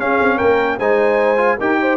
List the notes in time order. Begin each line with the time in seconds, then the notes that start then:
0.00 C#4 G#4 F5
0.21 C4
0.37 A#3 A#4 G5
0.79 G#3 D#4 C5 G#5
1.37 F4
1.59 D#4 G4 A#4 G5
1.82 C5